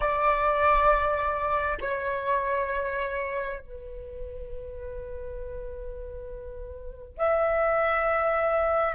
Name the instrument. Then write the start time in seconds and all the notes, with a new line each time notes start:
flute
0.00 D5
1.80 C#5
3.59 B4
7.17 E5